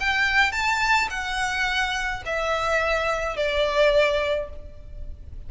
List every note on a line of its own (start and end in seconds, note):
0.00 0.52 G5
0.52 1.09 A5
1.10 2.24 F#5
2.26 3.37 E5
3.37 4.50 D5